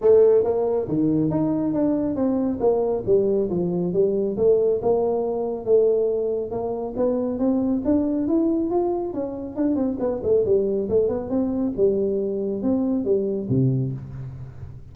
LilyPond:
\new Staff \with { instrumentName = "tuba" } { \time 4/4 \tempo 4 = 138 a4 ais4 dis4 dis'4 | d'4 c'4 ais4 g4 | f4 g4 a4 ais4~ | ais4 a2 ais4 |
b4 c'4 d'4 e'4 | f'4 cis'4 d'8 c'8 b8 a8 | g4 a8 b8 c'4 g4~ | g4 c'4 g4 c4 | }